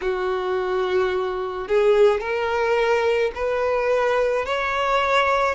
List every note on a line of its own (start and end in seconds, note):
0.01 1.68 F#4
1.68 2.20 G#4
2.20 3.31 A#4
3.34 4.45 B4
4.45 5.55 C#5